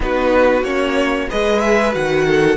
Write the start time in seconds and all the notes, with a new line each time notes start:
0.00 B3 D#4 F#4 B4
0.62 A#3 C#4 C#5
1.29 G#3 G#4 B4 D#5
1.59 E5
1.91 D#3 F#4 F#5
2.26 A4